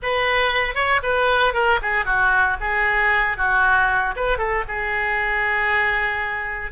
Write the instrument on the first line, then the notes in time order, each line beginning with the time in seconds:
oboe
0.02 B4
0.75 C#5
1.02 B4
1.53 A#4
1.82 G#4
2.05 F#4
2.60 G#4
3.37 F#4
4.15 B4
4.38 A4
4.68 G#4